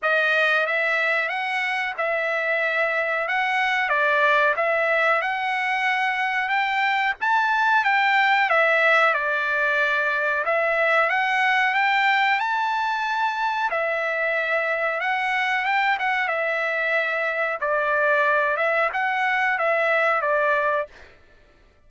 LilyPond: \new Staff \with { instrumentName = "trumpet" } { \time 4/4 \tempo 4 = 92 dis''4 e''4 fis''4 e''4~ | e''4 fis''4 d''4 e''4 | fis''2 g''4 a''4 | g''4 e''4 d''2 |
e''4 fis''4 g''4 a''4~ | a''4 e''2 fis''4 | g''8 fis''8 e''2 d''4~ | d''8 e''8 fis''4 e''4 d''4 | }